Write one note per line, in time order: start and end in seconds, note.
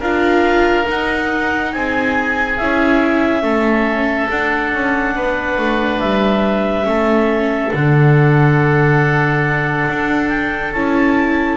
0.00 0.86 D4
0.00 0.85 F4
0.00 1.71 A#4
0.00 0.87 F5
0.85 2.56 D#4
0.85 1.73 D#4
0.85 1.73 F#5
1.73 2.59 C4
1.73 3.43 G#4
1.73 2.58 G#5
2.58 3.42 C#4
2.58 3.43 E4
2.58 4.29 E5
3.42 4.28 A3
3.42 4.29 C#4
3.42 5.15 A4
4.30 4.74 D4
4.30 6.83 D4
4.30 6.00 F#5
4.74 5.16 C#4
5.15 5.58 B3
5.15 6.87 B4
5.58 6.01 A3
6.00 6.86 G3
6.00 7.71 E5
6.83 7.72 A3
6.83 7.69 C#4
6.83 11.57 A4
7.71 9.88 D3
7.71 10.71 D4
7.71 10.29 F#5
9.89 10.74 D4
10.29 10.71 G5
10.72 11.57 C#4
10.72 11.57 E4
10.72 11.57 A5